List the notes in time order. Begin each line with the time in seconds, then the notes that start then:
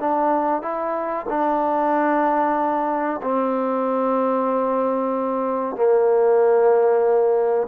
0.00 D4
0.62 E4
1.30 D4
3.23 C4
5.76 A#3